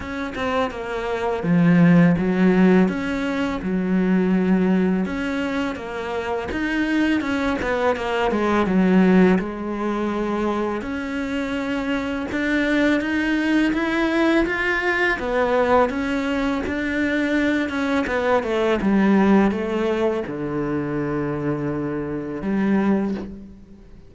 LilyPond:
\new Staff \with { instrumentName = "cello" } { \time 4/4 \tempo 4 = 83 cis'8 c'8 ais4 f4 fis4 | cis'4 fis2 cis'4 | ais4 dis'4 cis'8 b8 ais8 gis8 | fis4 gis2 cis'4~ |
cis'4 d'4 dis'4 e'4 | f'4 b4 cis'4 d'4~ | d'8 cis'8 b8 a8 g4 a4 | d2. g4 | }